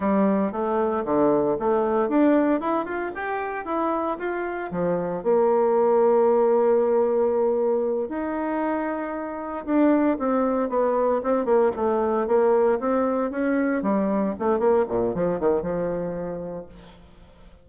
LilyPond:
\new Staff \with { instrumentName = "bassoon" } { \time 4/4 \tempo 4 = 115 g4 a4 d4 a4 | d'4 e'8 f'8 g'4 e'4 | f'4 f4 ais2~ | ais2.~ ais8 dis'8~ |
dis'2~ dis'8 d'4 c'8~ | c'8 b4 c'8 ais8 a4 ais8~ | ais8 c'4 cis'4 g4 a8 | ais8 ais,8 f8 dis8 f2 | }